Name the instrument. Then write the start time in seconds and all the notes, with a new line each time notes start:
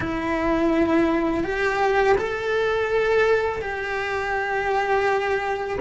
cello
0.00 E4
1.44 G4
2.17 A4
3.61 G4